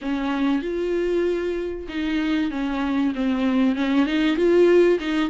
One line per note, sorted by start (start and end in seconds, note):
0.01 0.62 C#4
0.62 1.87 F4
1.88 2.50 D#4
2.50 3.13 C#4
3.14 3.75 C4
3.75 4.05 C#4
4.05 4.36 D#4
4.36 4.98 F4
4.99 5.30 D#4